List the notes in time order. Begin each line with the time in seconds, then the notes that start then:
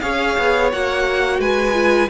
0.00 C#4 G#4 C#5 F5
0.38 B3
0.72 A#3 F#4 F#5
1.39 G#3 B4 G#5
1.73 F4